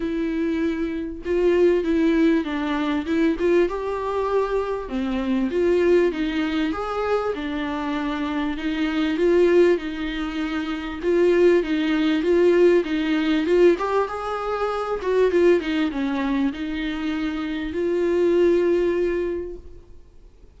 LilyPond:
\new Staff \with { instrumentName = "viola" } { \time 4/4 \tempo 4 = 98 e'2 f'4 e'4 | d'4 e'8 f'8 g'2 | c'4 f'4 dis'4 gis'4 | d'2 dis'4 f'4 |
dis'2 f'4 dis'4 | f'4 dis'4 f'8 g'8 gis'4~ | gis'8 fis'8 f'8 dis'8 cis'4 dis'4~ | dis'4 f'2. | }